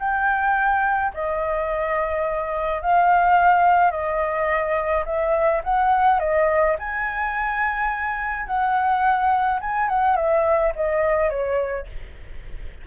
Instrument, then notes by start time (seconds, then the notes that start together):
flute
0.00 G5
1.14 D#5
2.82 F5
3.91 D#5
5.06 E5
5.64 F#5
6.20 D#5
6.80 G#5
8.47 F#5
9.61 G#5
9.89 F#5
10.17 E5
10.76 D#5
11.31 C#5